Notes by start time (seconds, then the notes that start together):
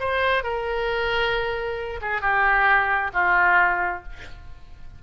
0.00 C5
0.43 A#4
2.01 G#4
2.21 G4
3.13 F4